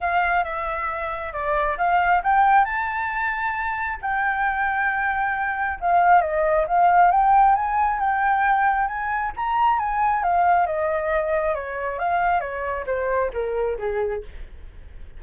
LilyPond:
\new Staff \with { instrumentName = "flute" } { \time 4/4 \tempo 4 = 135 f''4 e''2 d''4 | f''4 g''4 a''2~ | a''4 g''2.~ | g''4 f''4 dis''4 f''4 |
g''4 gis''4 g''2 | gis''4 ais''4 gis''4 f''4 | dis''2 cis''4 f''4 | cis''4 c''4 ais'4 gis'4 | }